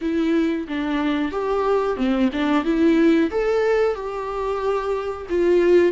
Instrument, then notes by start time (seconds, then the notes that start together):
viola
0.01 E4
0.67 D4
1.31 G4
1.96 C4
2.33 D4
2.64 E4
3.31 A4
3.94 G4
5.29 F4